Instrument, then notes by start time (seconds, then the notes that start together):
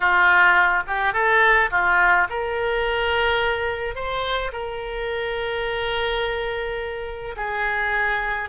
oboe
0.00 F4
0.87 G4
1.13 A4
1.71 F4
2.29 A#4
3.95 C5
4.52 A#4
7.36 G#4